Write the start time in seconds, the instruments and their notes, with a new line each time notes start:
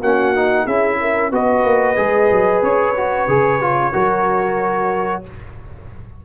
0.00 tuba A#3, trombone C#4, horn F#4, trumpet F#5
0.35 trombone D#4
0.65 tuba C#4, trombone E4, horn G#4, trumpet E5
1.00 horn A#4
1.31 tuba B3, trombone F#4, horn B4, trumpet D#5
1.64 tuba A#3
1.96 tuba G#3, trombone G#4
2.31 tuba F#3
2.62 tuba C#4, trumpet C#5
2.97 trombone F#4
3.27 tuba C#3, trombone G#4
3.61 trombone F4
3.92 tuba F#3, trombone F#4, horn A#4